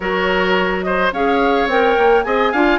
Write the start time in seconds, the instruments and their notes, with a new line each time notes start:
0.00 bassoon F#3, clarinet F#4, oboe A#4, flute C#5
0.82 oboe C5, flute D#5
1.12 bassoon C#4, clarinet G#4, oboe C#5, flute F5
1.66 bassoon C4, clarinet A#4, flute G5
1.97 bassoon A#3
2.23 bassoon C4, clarinet G#4, oboe D#5, flute G#5
2.52 bassoon D4, clarinet F4, oboe F5